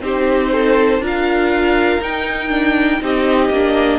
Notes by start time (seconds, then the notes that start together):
0.00 C4 D#4 G4 C5
0.52 A4
0.99 D4 F4 A#4
1.06 F5
2.01 D#4 G5
2.49 D4
3.01 C4 D#4 G4 D#5
3.49 A#3 D4